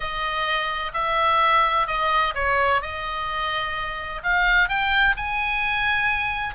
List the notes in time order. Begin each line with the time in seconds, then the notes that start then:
0.00 D#5
0.93 E5
1.87 D#5
2.35 C#5
2.81 D#5
4.23 F5
4.68 G5
5.16 G#5